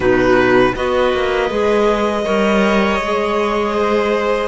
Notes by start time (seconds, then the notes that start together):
0.00 B2 D#4 F#4 B4
0.75 B3 F#4 B4 D#5
1.13 A#3
1.49 G#3 G#4
2.24 G3 A#4 C#5
3.00 G#3 G#4
3.73 C5